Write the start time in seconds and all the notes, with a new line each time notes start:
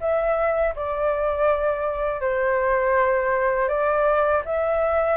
0.00 E5
0.75 D5
2.21 C5
3.68 D5
4.45 E5